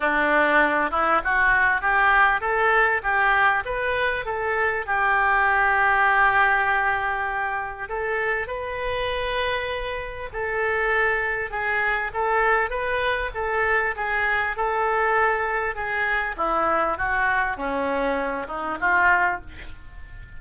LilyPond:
\new Staff \with { instrumentName = "oboe" } { \time 4/4 \tempo 4 = 99 d'4. e'8 fis'4 g'4 | a'4 g'4 b'4 a'4 | g'1~ | g'4 a'4 b'2~ |
b'4 a'2 gis'4 | a'4 b'4 a'4 gis'4 | a'2 gis'4 e'4 | fis'4 cis'4. dis'8 f'4 | }